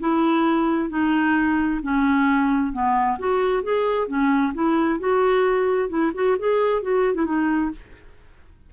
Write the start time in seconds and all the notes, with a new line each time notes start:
0.00 E4
0.90 D#4
1.82 C#4
2.73 B3
3.19 F#4
3.63 G#4
4.08 C#4
4.54 E4
4.99 F#4
5.89 E4
6.14 F#4
6.39 G#4
6.82 F#4
7.15 E4
7.26 D#4